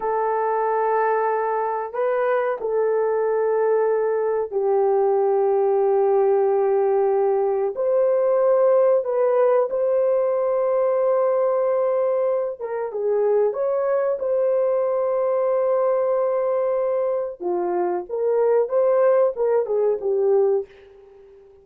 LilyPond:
\new Staff \with { instrumentName = "horn" } { \time 4/4 \tempo 4 = 93 a'2. b'4 | a'2. g'4~ | g'1 | c''2 b'4 c''4~ |
c''2.~ c''8 ais'8 | gis'4 cis''4 c''2~ | c''2. f'4 | ais'4 c''4 ais'8 gis'8 g'4 | }